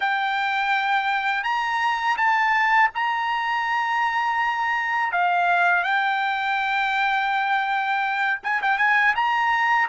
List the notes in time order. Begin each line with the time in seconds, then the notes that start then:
0.00 G5
1.43 A#5
2.17 A5
2.94 A#5
5.12 F5
5.83 G5
8.43 G#5
8.62 G5
8.78 G#5
9.15 A#5